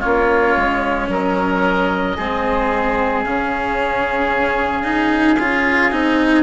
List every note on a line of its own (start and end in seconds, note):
0.00 0.56 A#3
0.00 2.17 C#4
0.00 1.07 F4
0.00 1.08 C#5
0.56 1.09 G#3
1.09 2.16 F#3
1.09 2.17 A#4
1.09 3.24 D#5
2.17 3.27 G#3
2.17 3.26 C4
2.17 6.44 G#4
3.24 5.39 C#3
3.24 4.84 C#4
3.24 6.44 F5
4.84 5.37 D#4
5.39 5.92 C#4
5.39 5.91 F4
5.91 6.44 C4
5.91 6.44 D#4